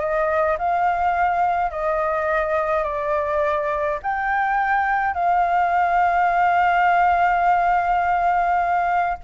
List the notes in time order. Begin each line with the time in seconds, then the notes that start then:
0.00 D#5
0.59 F5
1.72 D#5
2.84 D5
4.03 G5
5.15 F5